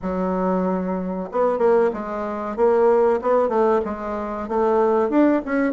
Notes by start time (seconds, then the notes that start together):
0.02 F#3
1.31 B3
1.58 A#3
1.93 G#3
2.56 A#3
3.21 B3
3.48 A3
3.84 G#3
4.48 A3
5.09 D4
5.45 C#4